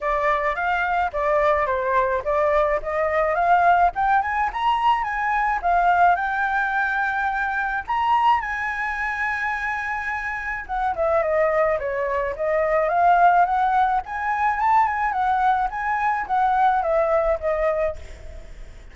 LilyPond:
\new Staff \with { instrumentName = "flute" } { \time 4/4 \tempo 4 = 107 d''4 f''4 d''4 c''4 | d''4 dis''4 f''4 g''8 gis''8 | ais''4 gis''4 f''4 g''4~ | g''2 ais''4 gis''4~ |
gis''2. fis''8 e''8 | dis''4 cis''4 dis''4 f''4 | fis''4 gis''4 a''8 gis''8 fis''4 | gis''4 fis''4 e''4 dis''4 | }